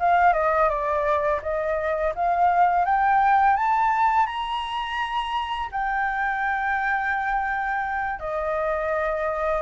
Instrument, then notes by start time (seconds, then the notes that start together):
flute
0.00 F5
0.34 D#5
0.69 D5
1.43 D#5
2.15 F5
2.85 G5
3.57 A5
4.27 A#5
5.72 G5
8.20 D#5